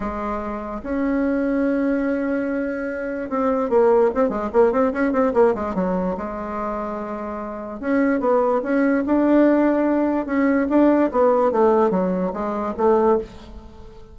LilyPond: \new Staff \with { instrumentName = "bassoon" } { \time 4/4 \tempo 4 = 146 gis2 cis'2~ | cis'1 | c'4 ais4 c'8 gis8 ais8 c'8 | cis'8 c'8 ais8 gis8 fis4 gis4~ |
gis2. cis'4 | b4 cis'4 d'2~ | d'4 cis'4 d'4 b4 | a4 fis4 gis4 a4 | }